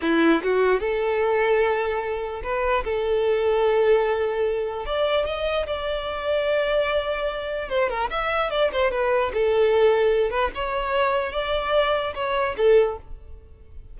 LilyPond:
\new Staff \with { instrumentName = "violin" } { \time 4/4 \tempo 4 = 148 e'4 fis'4 a'2~ | a'2 b'4 a'4~ | a'1 | d''4 dis''4 d''2~ |
d''2. c''8 ais'8 | e''4 d''8 c''8 b'4 a'4~ | a'4. b'8 cis''2 | d''2 cis''4 a'4 | }